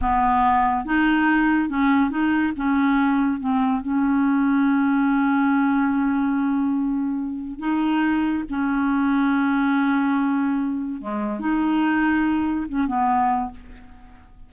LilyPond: \new Staff \with { instrumentName = "clarinet" } { \time 4/4 \tempo 4 = 142 b2 dis'2 | cis'4 dis'4 cis'2 | c'4 cis'2.~ | cis'1~ |
cis'2 dis'2 | cis'1~ | cis'2 gis4 dis'4~ | dis'2 cis'8 b4. | }